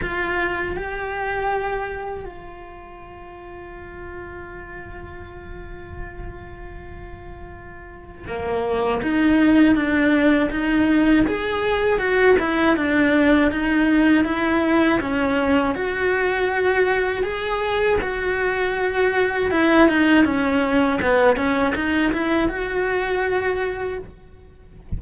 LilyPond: \new Staff \with { instrumentName = "cello" } { \time 4/4 \tempo 4 = 80 f'4 g'2 f'4~ | f'1~ | f'2. ais4 | dis'4 d'4 dis'4 gis'4 |
fis'8 e'8 d'4 dis'4 e'4 | cis'4 fis'2 gis'4 | fis'2 e'8 dis'8 cis'4 | b8 cis'8 dis'8 e'8 fis'2 | }